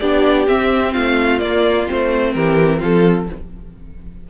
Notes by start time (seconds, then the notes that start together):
0.00 B3 D4 G4 D5
0.48 C4 E5
0.92 A3 F4 F5
1.40 A#3 D5
1.87 A3 C4 C5
2.33 E3 G4 A#4
2.80 F3 F4 A4